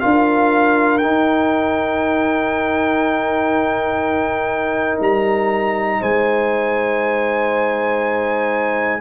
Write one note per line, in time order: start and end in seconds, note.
0.00 1.02 D4
0.00 1.01 F4
0.00 6.00 A#4
0.00 0.98 F5
0.98 5.00 D#4
0.98 9.01 D#4
0.98 4.98 G5
5.00 6.00 G3
5.00 6.03 A#5
6.00 9.01 G#3
6.00 9.00 C5
6.00 9.01 G#5